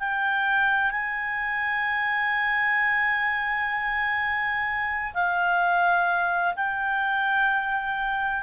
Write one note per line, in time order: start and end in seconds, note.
0.00 0.92 G5
0.92 5.13 G#5
5.14 6.55 F5
6.56 8.43 G5